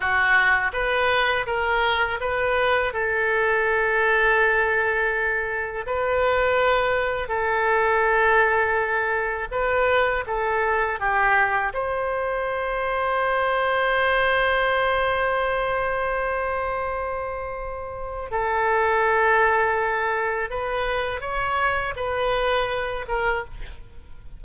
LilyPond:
\new Staff \with { instrumentName = "oboe" } { \time 4/4 \tempo 4 = 82 fis'4 b'4 ais'4 b'4 | a'1 | b'2 a'2~ | a'4 b'4 a'4 g'4 |
c''1~ | c''1~ | c''4 a'2. | b'4 cis''4 b'4. ais'8 | }